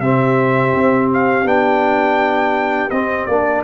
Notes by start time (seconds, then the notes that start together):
0.00 C3 C4 G4 E5
0.74 C4
1.13 F5
1.44 B3 D4 G5
2.90 C4 D#5
3.26 A#3 D4 D5